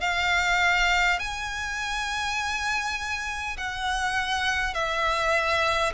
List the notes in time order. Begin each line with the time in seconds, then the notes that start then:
0.00 F5
1.19 G#5
3.57 F#5
4.74 E5